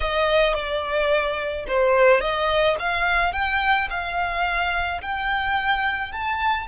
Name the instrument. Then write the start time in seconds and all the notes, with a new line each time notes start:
violin
0.00 D#5
0.54 D5
1.67 C5
2.20 D#5
2.79 F5
3.32 G5
3.90 F5
5.01 G5
6.12 A5